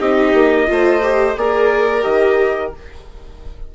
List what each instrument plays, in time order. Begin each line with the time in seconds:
0.00 bassoon C4, viola D#4, violin G4, trumpet D#5
0.34 bassoon A#3
0.67 bassoon A3, viola F4, violin C5
1.03 viola G4
1.37 bassoon A#3, viola G#4, violin A#4, trumpet D5
2.02 bassoon D#3, viola G4, trumpet D#5